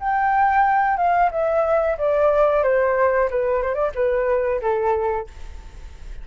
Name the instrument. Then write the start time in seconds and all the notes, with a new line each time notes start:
flute
0.00 G5
0.97 F5
1.31 E5
1.98 D5
2.64 C5
3.31 B4
3.63 C5
3.75 D5
3.95 B4
4.62 A4